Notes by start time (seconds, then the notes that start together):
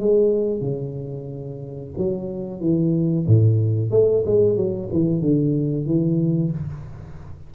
0.00 G#3
0.61 C#3
1.98 F#3
2.61 E3
3.27 A2
3.91 A3
4.26 G#3
4.57 F#3
4.93 E3
5.22 D3
5.86 E3